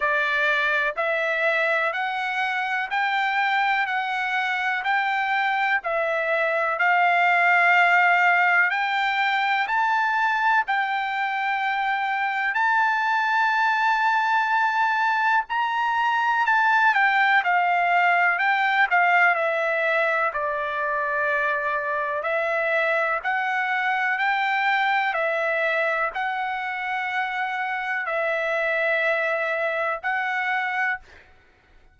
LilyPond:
\new Staff \with { instrumentName = "trumpet" } { \time 4/4 \tempo 4 = 62 d''4 e''4 fis''4 g''4 | fis''4 g''4 e''4 f''4~ | f''4 g''4 a''4 g''4~ | g''4 a''2. |
ais''4 a''8 g''8 f''4 g''8 f''8 | e''4 d''2 e''4 | fis''4 g''4 e''4 fis''4~ | fis''4 e''2 fis''4 | }